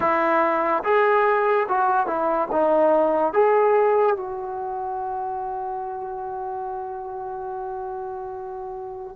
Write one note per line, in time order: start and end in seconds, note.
0.00 0.83 E4
0.83 1.67 G#4
1.68 2.06 F#4
2.06 2.48 E4
2.52 3.33 D#4
3.33 4.16 G#4
4.16 9.16 F#4